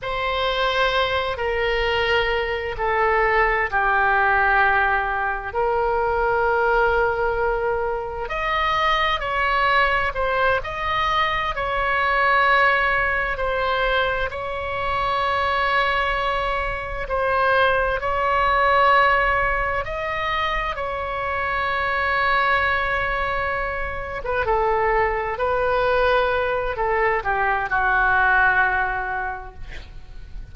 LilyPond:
\new Staff \with { instrumentName = "oboe" } { \time 4/4 \tempo 4 = 65 c''4. ais'4. a'4 | g'2 ais'2~ | ais'4 dis''4 cis''4 c''8 dis''8~ | dis''8 cis''2 c''4 cis''8~ |
cis''2~ cis''8 c''4 cis''8~ | cis''4. dis''4 cis''4.~ | cis''2~ cis''16 b'16 a'4 b'8~ | b'4 a'8 g'8 fis'2 | }